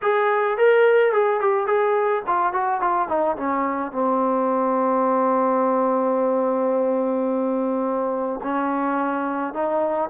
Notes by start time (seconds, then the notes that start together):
0.02 G#4
0.57 A#4
1.12 G#4
1.40 G4
1.66 G#4
2.27 F4
2.52 F#4
2.80 F4
3.08 D#4
3.36 C#4
3.92 C4
8.43 C#4
9.53 D#4